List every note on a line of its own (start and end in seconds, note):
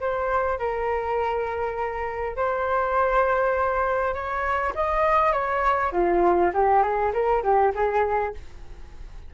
0.00 0.59 C5
0.59 2.36 A#4
2.36 4.14 C5
4.14 4.73 C#5
4.75 5.32 D#5
5.32 5.91 C#5
5.92 6.51 F4
6.53 6.83 G4
6.83 7.12 G#4
7.13 7.43 A#4
7.43 7.73 G4
7.74 8.34 G#4